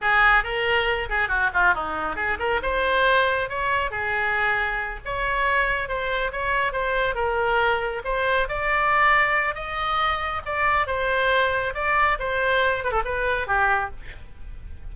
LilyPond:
\new Staff \with { instrumentName = "oboe" } { \time 4/4 \tempo 4 = 138 gis'4 ais'4. gis'8 fis'8 f'8 | dis'4 gis'8 ais'8 c''2 | cis''4 gis'2~ gis'8 cis''8~ | cis''4. c''4 cis''4 c''8~ |
c''8 ais'2 c''4 d''8~ | d''2 dis''2 | d''4 c''2 d''4 | c''4. b'16 a'16 b'4 g'4 | }